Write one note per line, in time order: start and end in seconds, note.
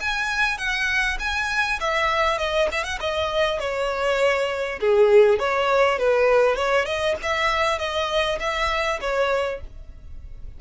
0.00 0.58 G#5
0.58 1.18 F#5
1.19 1.79 G#5
1.80 2.38 E5
2.38 2.68 D#5
2.71 2.84 E5
2.84 2.99 F#5
3.00 3.59 D#5
3.59 4.79 C#5
4.80 5.39 G#4
5.39 5.98 C#5
5.98 6.56 B4
6.56 6.85 C#5
6.85 7.15 D#5
7.22 7.78 E5
7.78 8.38 D#5
8.39 8.99 E5
9.01 9.61 C#5